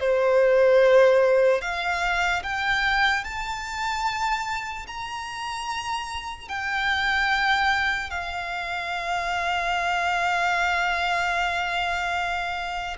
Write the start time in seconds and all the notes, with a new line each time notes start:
0.00 C5
1.61 F5
2.43 G5
3.24 A5
4.87 A#5
6.48 G5
8.10 F5